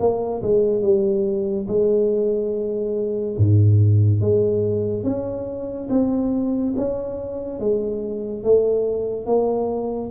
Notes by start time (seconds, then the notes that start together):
0.00 A#3
0.43 G#3
0.82 G3
1.68 G#3
3.38 G#2
4.21 G#3
5.04 C#4
5.90 C4
6.76 C#4
7.60 G#3
8.44 A3
9.26 A#3